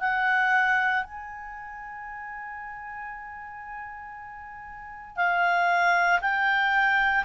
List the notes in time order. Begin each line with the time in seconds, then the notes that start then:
0.00 F#5
1.03 G#5
5.16 F5
6.21 G5